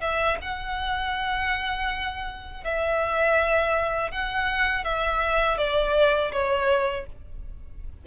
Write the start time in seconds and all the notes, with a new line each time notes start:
0.00 E5
0.41 F#5
2.64 E5
4.11 F#5
4.84 E5
5.57 D5
6.32 C#5